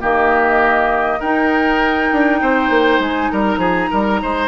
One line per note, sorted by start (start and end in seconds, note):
0.00 1.20 D#3
0.00 1.20 A#3
0.00 1.20 G4
0.00 1.21 D#5
1.20 2.10 D#4
1.20 4.48 D#4
1.20 2.40 A#4
1.20 3.01 G5
2.12 2.42 D4
2.41 2.70 C4
2.41 3.31 C5
2.70 2.99 A#3
2.99 3.29 G#3
2.99 3.31 G#5
3.31 3.57 G3
3.31 3.60 A#4
3.31 4.48 A#5
3.57 3.87 F3
3.57 3.90 G#4
3.90 4.23 G3
3.90 4.20 A#4
4.22 4.48 G#3
4.22 4.48 C5